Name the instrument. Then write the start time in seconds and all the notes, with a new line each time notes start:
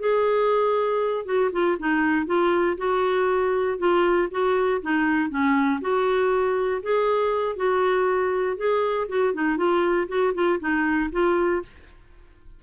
clarinet
0.00 G#4
1.26 F#4
1.53 F4
1.79 D#4
2.27 F4
2.77 F#4
3.78 F4
4.31 F#4
4.82 D#4
5.30 C#4
5.81 F#4
6.83 G#4
7.56 F#4
8.57 G#4
9.09 F#4
9.34 D#4
9.57 F4
10.08 F#4
10.34 F4
10.60 D#4
11.12 F4